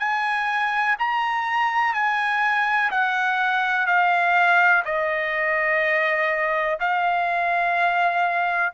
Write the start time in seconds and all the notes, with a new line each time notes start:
0.00 G#5
0.99 A#5
1.94 G#5
2.91 F#5
3.87 F5
4.86 D#5
6.80 F5